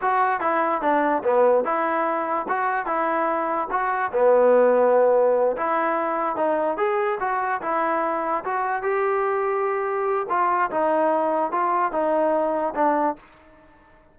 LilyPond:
\new Staff \with { instrumentName = "trombone" } { \time 4/4 \tempo 4 = 146 fis'4 e'4 d'4 b4 | e'2 fis'4 e'4~ | e'4 fis'4 b2~ | b4. e'2 dis'8~ |
dis'8 gis'4 fis'4 e'4.~ | e'8 fis'4 g'2~ g'8~ | g'4 f'4 dis'2 | f'4 dis'2 d'4 | }